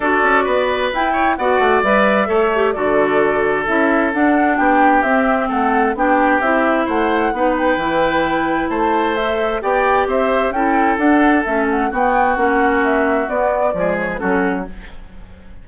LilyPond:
<<
  \new Staff \with { instrumentName = "flute" } { \time 4/4 \tempo 4 = 131 d''2 g''4 fis''4 | e''2 d''2 | e''4 fis''4 g''4 e''4 | fis''4 g''4 e''4 fis''4~ |
fis''8 g''2~ g''8 a''4 | e''4 g''4 e''4 g''4 | fis''4 e''8 fis''8 g''4 fis''4 | e''4 d''4. cis''16 b'16 a'4 | }
  \new Staff \with { instrumentName = "oboe" } { \time 4/4 a'4 b'4. cis''8 d''4~ | d''4 cis''4 a'2~ | a'2 g'2 | a'4 g'2 c''4 |
b'2. c''4~ | c''4 d''4 c''4 a'4~ | a'2 fis'2~ | fis'2 gis'4 fis'4 | }
  \new Staff \with { instrumentName = "clarinet" } { \time 4/4 fis'2 e'4 fis'4 | b'4 a'8 g'8 fis'2 | e'4 d'2 c'4~ | c'4 d'4 e'2 |
dis'4 e'2. | a'4 g'2 e'4 | d'4 cis'4 b4 cis'4~ | cis'4 b4 gis4 cis'4 | }
  \new Staff \with { instrumentName = "bassoon" } { \time 4/4 d'8 cis'8 b4 e'4 b8 a8 | g4 a4 d2 | cis'4 d'4 b4 c'4 | a4 b4 c'4 a4 |
b4 e2 a4~ | a4 b4 c'4 cis'4 | d'4 a4 b4 ais4~ | ais4 b4 f4 fis4 | }
>>